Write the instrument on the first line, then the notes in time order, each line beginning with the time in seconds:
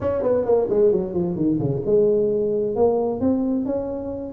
tuba
0.00 C#4
0.22 B3
0.45 A#3
0.69 G#3
0.92 F#3
1.13 F3
1.36 D#3
1.59 C#3
1.85 G#3
2.75 A#3
3.20 C4
3.65 C#4